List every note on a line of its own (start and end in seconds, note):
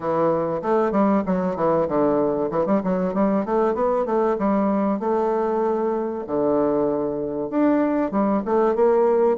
0.00 0.61 E3
0.61 0.91 A3
0.91 1.22 G3
1.26 1.55 F#3
1.55 1.87 E3
1.88 2.50 D3
2.50 2.66 E3
2.66 2.81 G3
2.83 3.13 F#3
3.13 3.45 G3
3.45 3.74 A3
3.74 4.05 B3
4.05 4.37 A3
4.38 4.99 G3
4.99 6.24 A3
6.26 7.50 D3
7.50 8.11 D4
8.11 8.42 G3
8.45 8.75 A3
8.75 9.38 A#3